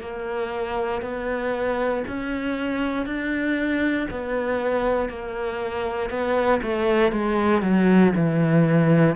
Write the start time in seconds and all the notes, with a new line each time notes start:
0.00 A#3
1.02 B3
2.07 C#4
3.06 D4
4.10 B3
5.09 A#3
6.10 B3
6.62 A3
7.12 G#3
7.62 F#3
8.15 E3